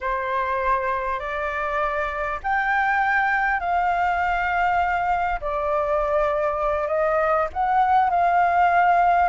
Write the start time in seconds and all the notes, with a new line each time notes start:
0.01 C5
1.19 D5
2.43 G5
3.59 F5
5.40 D5
6.87 D#5
7.53 F#5
8.09 F5